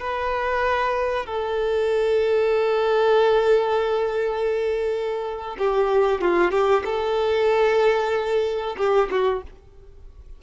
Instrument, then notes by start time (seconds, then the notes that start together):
violin
0.00 B4
1.26 A4
5.59 G4
6.21 F4
6.51 G4
6.85 A4
8.78 G4
9.11 F#4